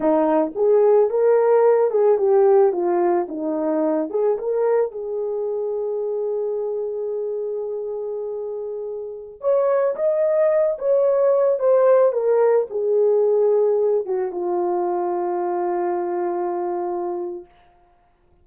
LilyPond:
\new Staff \with { instrumentName = "horn" } { \time 4/4 \tempo 4 = 110 dis'4 gis'4 ais'4. gis'8 | g'4 f'4 dis'4. gis'8 | ais'4 gis'2.~ | gis'1~ |
gis'4~ gis'16 cis''4 dis''4. cis''16~ | cis''4~ cis''16 c''4 ais'4 gis'8.~ | gis'4.~ gis'16 fis'8 f'4.~ f'16~ | f'1 | }